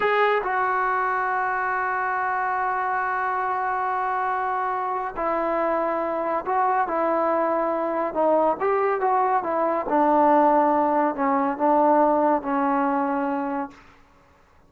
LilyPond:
\new Staff \with { instrumentName = "trombone" } { \time 4/4 \tempo 4 = 140 gis'4 fis'2.~ | fis'1~ | fis'1 | e'2. fis'4 |
e'2. dis'4 | g'4 fis'4 e'4 d'4~ | d'2 cis'4 d'4~ | d'4 cis'2. | }